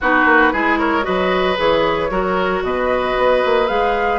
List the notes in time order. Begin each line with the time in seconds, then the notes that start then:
0.00 B3 D#4 F#4 B4
0.25 A#3
0.52 G#3 E4 G#4
0.79 A#4 C#5
1.02 F#3 F#4 B4 D#5
1.56 E3 G#4 C#5
2.10 F#3 F#4 A#4
2.62 B2 B4 D#5
3.17 B3
3.45 A#3
3.67 G#3 G#4 F5